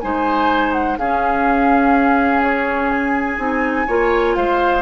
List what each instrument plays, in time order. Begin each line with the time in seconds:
0.00 bassoon G#3, clarinet D#4, oboe C5, flute G#5
0.73 flute F#5
0.98 bassoon C#4, clarinet C#4, oboe G#4, flute F5
2.43 flute C#5
2.90 flute G#5
3.38 bassoon C4, clarinet D#4
3.87 bassoon A#3, clarinet F4, oboe C#5
4.35 bassoon G#3, oboe C5, flute F5